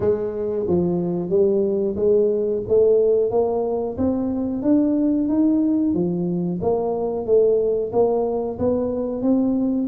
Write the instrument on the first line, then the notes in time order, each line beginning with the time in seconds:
tuba
0.00 G#3
0.67 F3
1.29 G3
1.96 G#3
2.68 A3
3.30 A#3
3.97 C4
4.62 D4
5.28 D#4
5.94 F3
6.61 A#3
7.25 A3
7.92 A#3
8.58 B3
9.22 C4